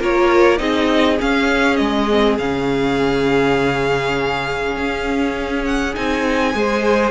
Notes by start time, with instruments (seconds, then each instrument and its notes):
0.00 cello A#3, viola F4, violin A#4 C#5
0.58 cello C4, viola D#4, violin G#4 D#5
1.19 viola C#4, cello C#4, violin F5
1.76 cello G#3, violin D#5
2.11 viola C4
2.38 cello C#3, viola C#4, violin F5
4.77 cello C#4
5.65 violin F#5
5.94 cello C4, viola D#4, violin G#5
6.53 cello G#3, viola G#4, violin C5